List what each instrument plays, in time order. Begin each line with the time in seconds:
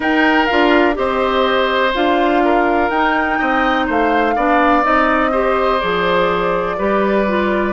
0.00 bassoon D#4, clarinet D#4, oboe A#4, flute G5
0.46 bassoon D4, clarinet F4, flute F5
0.93 bassoon C4, clarinet G4, oboe C5, flute D#5
1.94 bassoon D4, clarinet F4, flute F5
2.44 oboe A#4
2.89 bassoon D#4, clarinet D#4, flute G5
3.38 bassoon C4, oboe D#5
3.86 bassoon A3, oboe C5, flute F5
4.35 bassoon B3, clarinet D4, oboe D5
4.82 bassoon C4, clarinet D#4, flute D#5
5.31 clarinet G4, oboe C5
5.80 bassoon F3, clarinet G#4, flute D5
6.77 bassoon G3, clarinet G4, oboe B4
7.27 clarinet F4